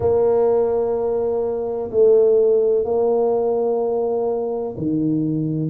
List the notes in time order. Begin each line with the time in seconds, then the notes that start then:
0.00 A#3
1.90 A3
2.84 A#3
4.77 D#3